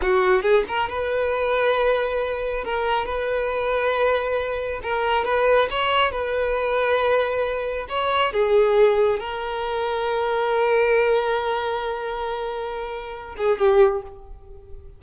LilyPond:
\new Staff \with { instrumentName = "violin" } { \time 4/4 \tempo 4 = 137 fis'4 gis'8 ais'8 b'2~ | b'2 ais'4 b'4~ | b'2. ais'4 | b'4 cis''4 b'2~ |
b'2 cis''4 gis'4~ | gis'4 ais'2.~ | ais'1~ | ais'2~ ais'8 gis'8 g'4 | }